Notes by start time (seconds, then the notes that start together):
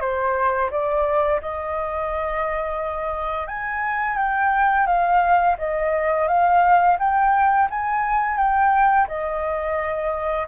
0.00 C5
0.71 D5
1.41 D#5
3.48 G#5
4.17 G5
4.86 F5
5.58 D#5
6.28 F5
6.99 G5
7.70 G#5
8.37 G5
9.08 D#5